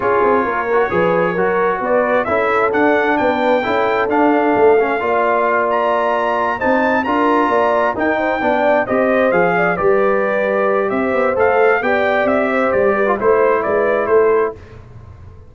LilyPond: <<
  \new Staff \with { instrumentName = "trumpet" } { \time 4/4 \tempo 4 = 132 cis''1 | d''4 e''4 fis''4 g''4~ | g''4 f''2.~ | f''8 ais''2 a''4 ais''8~ |
ais''4. g''2 dis''8~ | dis''8 f''4 d''2~ d''8 | e''4 f''4 g''4 e''4 | d''4 c''4 d''4 c''4 | }
  \new Staff \with { instrumentName = "horn" } { \time 4/4 gis'4 ais'4 b'4 ais'4 | b'4 a'2 b'4 | a'2. d''4~ | d''2~ d''8 c''4 ais'8~ |
ais'8 d''4 ais'8 c''8 d''4 c''8~ | c''4 d''8 b'2~ b'8 | c''2 d''4. c''8~ | c''8 b'8 c''4 b'4 a'4 | }
  \new Staff \with { instrumentName = "trombone" } { \time 4/4 f'4. fis'8 gis'4 fis'4~ | fis'4 e'4 d'2 | e'4 d'4. cis'8 f'4~ | f'2~ f'8 dis'4 f'8~ |
f'4. dis'4 d'4 g'8~ | g'8 gis'4 g'2~ g'8~ | g'4 a'4 g'2~ | g'8. f'16 e'2. | }
  \new Staff \with { instrumentName = "tuba" } { \time 4/4 cis'8 c'8 ais4 f4 fis4 | b4 cis'4 d'4 b4 | cis'4 d'4 a4 ais4~ | ais2~ ais8 c'4 d'8~ |
d'8 ais4 dis'4 b4 c'8~ | c'8 f4 g2~ g8 | c'8 b8 a4 b4 c'4 | g4 a4 gis4 a4 | }
>>